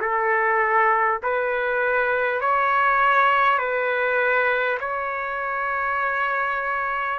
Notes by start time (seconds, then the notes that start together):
0.00 A4
1.22 B4
2.40 C#5
3.58 B4
4.80 C#5